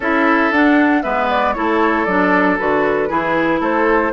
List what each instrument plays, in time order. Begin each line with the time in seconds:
0.00 bassoon C#4, clarinet E4, oboe A4, flute E5
0.51 bassoon D4, clarinet D4, flute F#5
1.02 bassoon G#3, clarinet B3, oboe B4, flute E5
1.29 flute D5
1.53 bassoon A3, clarinet E4, oboe A4, flute C#5
2.05 bassoon F#3, clarinet D4, flute D5
2.58 bassoon D3, clarinet F#4, flute B4
3.09 bassoon E3, clarinet E4, oboe G#4
3.60 bassoon A3, oboe A4, flute C5